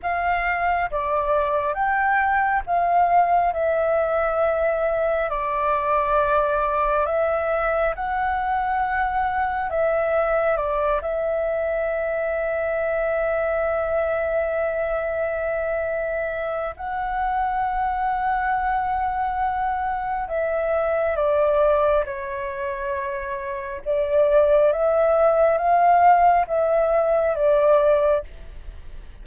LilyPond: \new Staff \with { instrumentName = "flute" } { \time 4/4 \tempo 4 = 68 f''4 d''4 g''4 f''4 | e''2 d''2 | e''4 fis''2 e''4 | d''8 e''2.~ e''8~ |
e''2. fis''4~ | fis''2. e''4 | d''4 cis''2 d''4 | e''4 f''4 e''4 d''4 | }